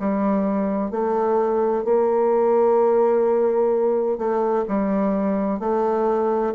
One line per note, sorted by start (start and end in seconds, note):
0.00 0.91 G3
0.91 1.85 A3
1.85 4.18 A#3
4.18 4.65 A3
4.68 5.60 G3
5.60 6.54 A3